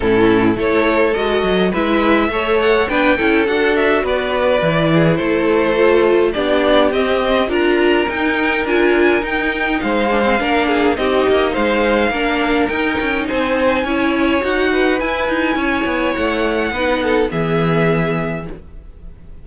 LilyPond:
<<
  \new Staff \with { instrumentName = "violin" } { \time 4/4 \tempo 4 = 104 a'4 cis''4 dis''4 e''4~ | e''8 fis''8 g''4 fis''8 e''8 d''4~ | d''4 c''2 d''4 | dis''4 ais''4 g''4 gis''4 |
g''4 f''2 dis''4 | f''2 g''4 gis''4~ | gis''4 fis''4 gis''2 | fis''2 e''2 | }
  \new Staff \with { instrumentName = "violin" } { \time 4/4 e'4 a'2 b'4 | cis''4 b'8 a'4. b'4~ | b'8 gis'8 a'2 g'4~ | g'4 ais'2.~ |
ais'4 c''4 ais'8 gis'8 g'4 | c''4 ais'2 c''4 | cis''4. b'4. cis''4~ | cis''4 b'8 a'8 gis'2 | }
  \new Staff \with { instrumentName = "viola" } { \time 4/4 cis'4 e'4 fis'4 e'4 | a'4 d'8 e'8 fis'2 | e'2 f'4 d'4 | c'4 f'4 dis'4 f'4 |
dis'4. d'16 c'16 d'4 dis'4~ | dis'4 d'4 dis'2 | e'4 fis'4 e'2~ | e'4 dis'4 b2 | }
  \new Staff \with { instrumentName = "cello" } { \time 4/4 a,4 a4 gis8 fis8 gis4 | a4 b8 cis'8 d'4 b4 | e4 a2 b4 | c'4 d'4 dis'4 d'4 |
dis'4 gis4 ais4 c'8 ais8 | gis4 ais4 dis'8 cis'8 c'4 | cis'4 dis'4 e'8 dis'8 cis'8 b8 | a4 b4 e2 | }
>>